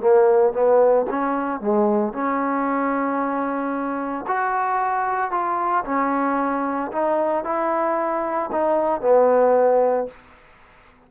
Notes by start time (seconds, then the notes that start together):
0.00 A#3
0.53 B3
1.10 C#4
1.60 G#3
2.13 C#4
4.27 F#4
5.31 F4
5.85 C#4
6.92 D#4
7.44 E4
8.51 D#4
9.01 B3